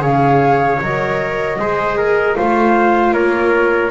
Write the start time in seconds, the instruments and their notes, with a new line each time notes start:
0.00 double bass C#3, viola G#4, trumpet C#5, flute F5
0.81 double bass F#3, viola A#4, flute D#5
1.59 double bass G#3, viola G#4, trumpet C5
1.97 trumpet A#4
2.35 double bass A3, viola F4, trumpet C5, flute F5
3.12 double bass A#3, trumpet A#4, flute C#5